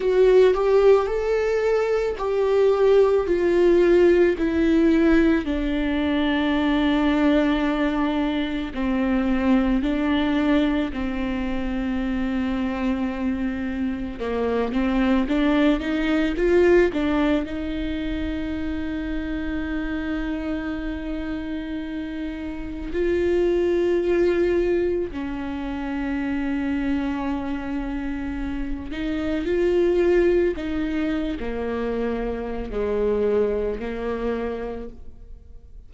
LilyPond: \new Staff \with { instrumentName = "viola" } { \time 4/4 \tempo 4 = 55 fis'8 g'8 a'4 g'4 f'4 | e'4 d'2. | c'4 d'4 c'2~ | c'4 ais8 c'8 d'8 dis'8 f'8 d'8 |
dis'1~ | dis'4 f'2 cis'4~ | cis'2~ cis'8 dis'8 f'4 | dis'8. ais4~ ais16 gis4 ais4 | }